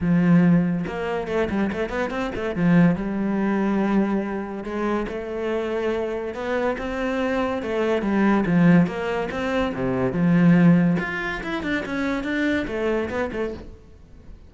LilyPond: \new Staff \with { instrumentName = "cello" } { \time 4/4 \tempo 4 = 142 f2 ais4 a8 g8 | a8 b8 c'8 a8 f4 g4~ | g2. gis4 | a2. b4 |
c'2 a4 g4 | f4 ais4 c'4 c4 | f2 f'4 e'8 d'8 | cis'4 d'4 a4 b8 a8 | }